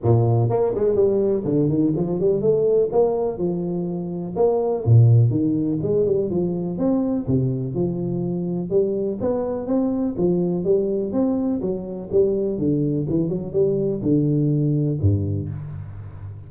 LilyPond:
\new Staff \with { instrumentName = "tuba" } { \time 4/4 \tempo 4 = 124 ais,4 ais8 gis8 g4 d8 dis8 | f8 g8 a4 ais4 f4~ | f4 ais4 ais,4 dis4 | gis8 g8 f4 c'4 c4 |
f2 g4 b4 | c'4 f4 g4 c'4 | fis4 g4 d4 e8 fis8 | g4 d2 g,4 | }